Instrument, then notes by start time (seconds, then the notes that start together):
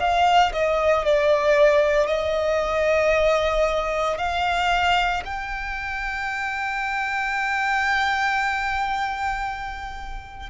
violin
0.00 F5
0.53 D#5
1.05 D5
2.08 D#5
4.18 F5
5.25 G5